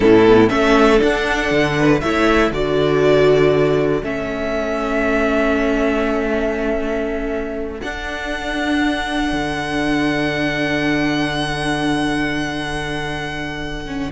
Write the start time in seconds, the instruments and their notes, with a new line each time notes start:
0.00 cello A2, viola C#4, violin E4 A4
0.26 viola B3
0.48 cello A3, viola C#4, violin A4 E5
0.97 viola D4, cello D4, violin F#5
1.51 cello D3
1.78 violin B4
2.00 cello A3, viola E4, violin C#5 E5
2.51 cello D3, viola F#4, violin A4 D5
4.02 cello A3, viola C#4, violin E5
7.81 cello D4, viola D4, violin F#5
9.32 cello D3
13.85 viola C#4